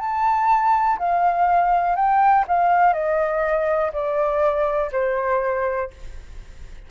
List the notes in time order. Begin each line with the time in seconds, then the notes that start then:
0.00 A5
0.98 F5
1.96 G5
2.48 F5
2.93 D#5
3.93 D5
4.92 C5